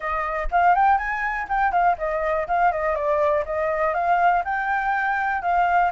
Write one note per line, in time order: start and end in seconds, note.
0.00 0.48 D#5
0.51 0.75 F5
0.75 0.97 G5
0.97 1.47 G#5
1.49 1.71 G5
1.71 1.96 F5
1.98 2.47 D#5
2.47 2.71 F5
2.71 2.95 D#5
2.95 3.44 D5
3.45 3.93 D#5
3.93 4.43 F5
4.44 5.41 G5
5.41 5.91 F5